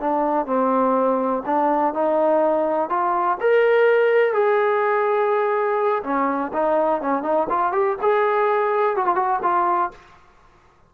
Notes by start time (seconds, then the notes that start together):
0.00 D4
0.46 C4
1.46 D4
1.94 D#4
2.89 F4
3.41 A#4
4.33 G#4
6.04 C#4
6.53 D#4
7.01 C#4
7.23 D#4
7.49 F4
7.72 G4
8.02 G#4
8.96 F#4
9.06 F4
9.16 F#4
9.43 F4